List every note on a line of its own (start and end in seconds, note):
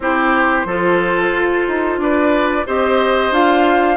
0.00 0.65 C4
0.00 0.67 E4
0.00 0.66 G4
0.00 1.99 C5
0.65 1.30 F3
0.65 2.66 F4
0.65 2.00 A4
1.30 1.63 F4
1.67 1.98 D#4
1.98 2.64 D4
1.98 2.66 B4
1.98 2.66 D5
2.66 3.30 C4
2.66 3.32 G4
2.66 3.97 C5
2.66 3.33 D#5
3.30 3.97 D4
3.30 3.97 F4
3.30 3.97 F5